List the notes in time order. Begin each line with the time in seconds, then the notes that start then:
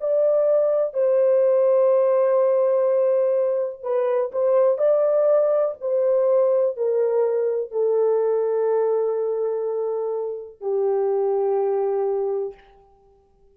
0.00 D5
0.94 C5
3.83 B4
4.32 C5
4.78 D5
5.81 C5
6.77 A#4
7.71 A4
10.61 G4